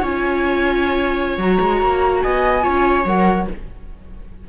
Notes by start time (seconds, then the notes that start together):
0.00 C#4 F4 C#5 G#5
1.37 F#3 F#4 A#5
1.60 G#3
1.82 A#3
2.22 B3 D#5 G#5
2.62 C#4 F4 C#5
3.05 F#3 A#4 F#5